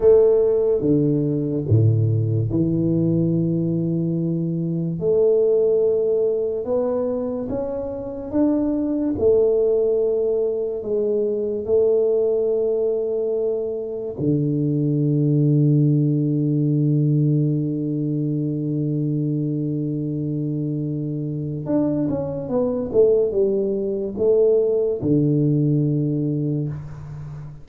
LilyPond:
\new Staff \with { instrumentName = "tuba" } { \time 4/4 \tempo 4 = 72 a4 d4 a,4 e4~ | e2 a2 | b4 cis'4 d'4 a4~ | a4 gis4 a2~ |
a4 d2.~ | d1~ | d2 d'8 cis'8 b8 a8 | g4 a4 d2 | }